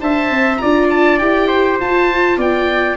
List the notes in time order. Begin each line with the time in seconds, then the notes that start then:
0.00 D4 C5 E5 A5
0.31 C4
0.57 F4 D5 A#5
0.63 D4
0.90 A5
1.19 E4 G4 G5
1.48 C5
1.80 F4 A5
2.37 B3 D5 G5